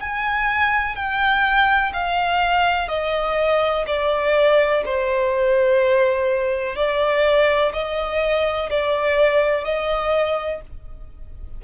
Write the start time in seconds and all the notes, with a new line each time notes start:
0.00 G#5
0.95 G5
1.93 F5
2.88 D#5
3.86 D5
4.85 C5
6.75 D5
7.72 D#5
8.70 D5
9.64 D#5